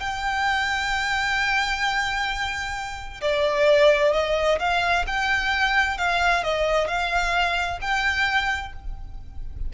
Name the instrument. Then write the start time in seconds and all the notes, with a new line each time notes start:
violin
0.00 G5
3.21 D5
4.13 D#5
4.59 F5
5.07 G5
5.98 F5
6.44 D#5
6.88 F5
7.81 G5